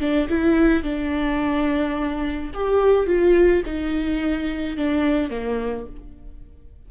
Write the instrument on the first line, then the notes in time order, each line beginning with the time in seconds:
viola
0.00 D4
0.29 E4
0.83 D4
2.54 G4
3.07 F4
3.66 D#4
4.77 D4
5.30 A#3